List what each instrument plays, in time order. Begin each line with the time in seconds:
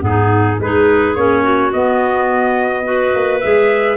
0.00 tuba G#2, clarinet B3, trumpet G#4
0.08 clarinet D#4
0.60 tuba G#3, clarinet D#4 G#4, trumpet B4
1.15 tuba A#3, clarinet C#4, trumpet C#5
1.42 clarinet F#4
1.73 tuba B3, clarinet B3, trumpet D#5
2.84 clarinet F#4 B4
3.15 tuba A#3
3.41 tuba G#3, clarinet G#4, trumpet E5